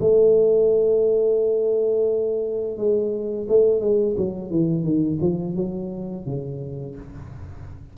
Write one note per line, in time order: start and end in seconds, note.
0.00 2.77 A3
2.77 3.47 G#3
3.48 3.80 A3
3.80 4.15 G#3
4.17 4.50 F#3
4.50 4.84 E3
4.84 5.18 D#3
5.21 5.56 F3
5.56 6.26 F#3
6.26 6.95 C#3